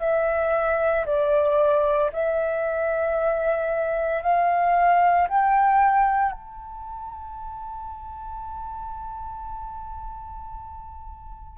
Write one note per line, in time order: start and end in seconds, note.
0.00 1.05 E5
1.05 2.11 D5
2.12 4.22 E5
4.22 5.28 F5
5.28 6.32 G5
6.32 11.58 A5